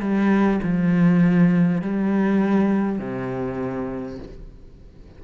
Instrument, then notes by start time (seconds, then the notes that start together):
cello
0.00 G3
0.62 F3
1.81 G3
2.98 C3